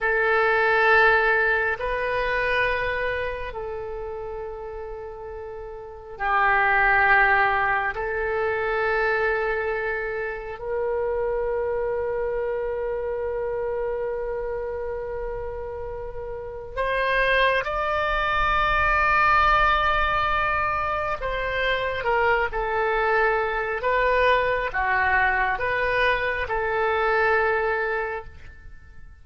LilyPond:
\new Staff \with { instrumentName = "oboe" } { \time 4/4 \tempo 4 = 68 a'2 b'2 | a'2. g'4~ | g'4 a'2. | ais'1~ |
ais'2. c''4 | d''1 | c''4 ais'8 a'4. b'4 | fis'4 b'4 a'2 | }